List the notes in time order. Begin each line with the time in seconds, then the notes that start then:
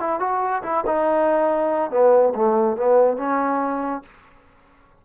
0.00 E4
0.20 F#4
0.63 E4
0.87 D#4
1.91 B3
2.36 A3
2.77 B3
3.17 C#4